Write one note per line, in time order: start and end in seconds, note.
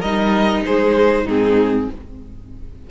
0.00 0.64 G3
0.00 1.29 D#4
0.00 0.62 A#4
0.00 0.63 D#5
0.66 1.25 G#3
0.66 1.25 G#4
0.66 1.28 C5
1.25 1.87 G#2
1.25 1.90 C4
1.25 1.87 D#4
1.25 1.90 G#4